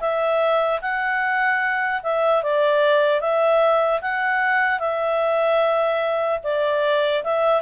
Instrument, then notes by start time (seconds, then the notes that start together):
clarinet
0.00 E5
0.81 F#5
2.03 E5
2.43 D5
3.20 E5
4.01 F#5
4.79 E5
6.43 D5
7.23 E5